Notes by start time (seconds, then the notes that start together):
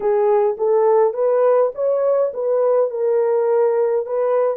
0.00 G#4
0.57 A4
1.13 B4
1.74 C#5
2.33 B4
2.90 A#4
4.06 B4